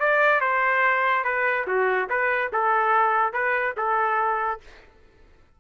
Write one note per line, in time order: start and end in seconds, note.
0.00 0.41 D5
0.41 1.24 C5
1.24 1.66 B4
1.67 2.09 F#4
2.10 2.51 B4
2.53 3.33 A4
3.33 3.75 B4
3.77 4.61 A4